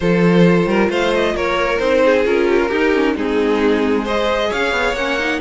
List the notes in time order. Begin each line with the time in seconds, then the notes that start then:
0.00 F3 F4 A4 C5
0.66 G3 A#4
0.89 A3 C5 F5
1.14 D#5
1.34 A#3 A#4 C#5
1.78 C4 D#4 C5
2.04 G#4
2.25 C#4 F4 A#4
2.48 G4
2.61 F4
2.68 D#4 G4
2.94 C#4
3.15 G#3 C4 D#4 G#4
4.03 G#4 C5 D#5
4.49 C#4 C#5 F5
4.71 B3
4.93 A#3 C#4 F#5
5.19 D#4